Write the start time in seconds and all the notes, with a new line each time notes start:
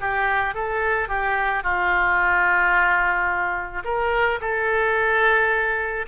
0.00 G4
0.54 A4
1.08 G4
1.63 F4
3.84 A#4
4.40 A4